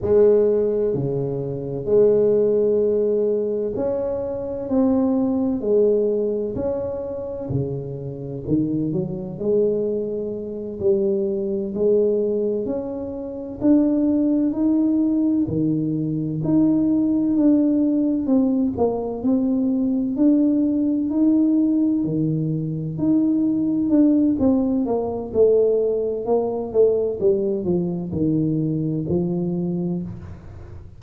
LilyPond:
\new Staff \with { instrumentName = "tuba" } { \time 4/4 \tempo 4 = 64 gis4 cis4 gis2 | cis'4 c'4 gis4 cis'4 | cis4 dis8 fis8 gis4. g8~ | g8 gis4 cis'4 d'4 dis'8~ |
dis'8 dis4 dis'4 d'4 c'8 | ais8 c'4 d'4 dis'4 dis8~ | dis8 dis'4 d'8 c'8 ais8 a4 | ais8 a8 g8 f8 dis4 f4 | }